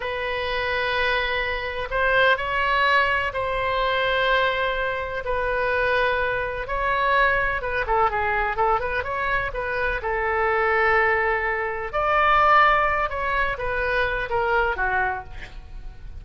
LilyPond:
\new Staff \with { instrumentName = "oboe" } { \time 4/4 \tempo 4 = 126 b'1 | c''4 cis''2 c''4~ | c''2. b'4~ | b'2 cis''2 |
b'8 a'8 gis'4 a'8 b'8 cis''4 | b'4 a'2.~ | a'4 d''2~ d''8 cis''8~ | cis''8 b'4. ais'4 fis'4 | }